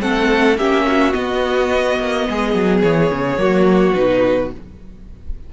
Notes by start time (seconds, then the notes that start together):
0.00 A3 C4 A4 F#5
0.57 A#3 C#4 G4 E5
0.87 F#4
1.12 B3 D#5
1.99 A#3
2.29 G#3 G#4
2.54 F#3
2.82 E3 C#5
3.11 C#3
3.37 F#3 A#3 F#4
3.94 B2 D#4 B4